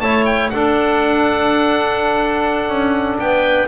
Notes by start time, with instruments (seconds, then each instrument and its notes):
0.00 double bass A3, trombone E4, clarinet C#5, oboe A5
0.25 oboe G5
0.49 trombone D4, double bass D4, clarinet A4, oboe F#5
2.69 double bass C#4
3.18 double bass B3, clarinet B4, oboe G5